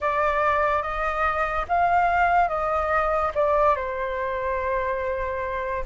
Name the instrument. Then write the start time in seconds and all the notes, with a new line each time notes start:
flute
0.00 D5
0.82 D#5
1.68 F5
2.48 D#5
3.34 D5
3.76 C5